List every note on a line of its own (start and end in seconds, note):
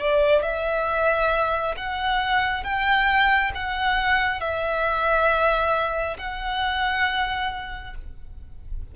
0.00 0.43 D5
0.43 1.75 E5
1.77 2.64 F#5
2.64 3.52 G5
3.55 4.41 F#5
4.41 6.17 E5
6.18 7.95 F#5